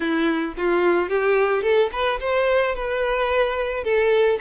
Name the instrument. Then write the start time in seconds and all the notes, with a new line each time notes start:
violin
0.00 E4
0.57 F4
1.09 G4
1.62 A4
1.92 B4
2.20 C5
2.75 B4
3.84 A4